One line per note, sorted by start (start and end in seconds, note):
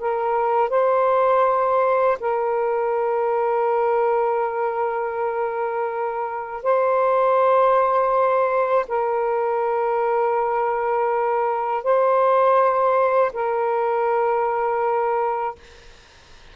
0.00 0.70 A#4
0.70 2.18 C5
2.21 6.64 A#4
6.64 8.86 C5
8.89 11.84 A#4
11.84 13.32 C5
13.34 15.56 A#4